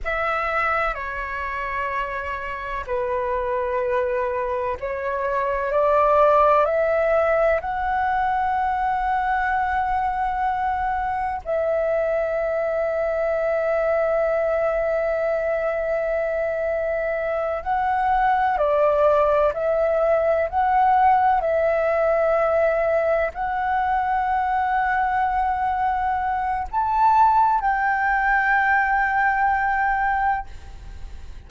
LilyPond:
\new Staff \with { instrumentName = "flute" } { \time 4/4 \tempo 4 = 63 e''4 cis''2 b'4~ | b'4 cis''4 d''4 e''4 | fis''1 | e''1~ |
e''2~ e''8 fis''4 d''8~ | d''8 e''4 fis''4 e''4.~ | e''8 fis''2.~ fis''8 | a''4 g''2. | }